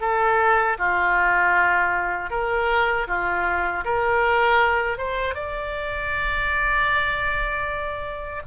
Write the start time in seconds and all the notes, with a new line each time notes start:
0.00 A4
0.78 F4
2.30 A#4
3.07 F4
3.85 A#4
4.98 C5
5.34 D5